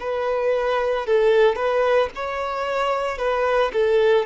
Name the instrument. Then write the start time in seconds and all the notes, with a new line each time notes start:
violin
0.00 B4
1.06 A4
1.56 B4
2.15 C#5
3.18 B4
3.73 A4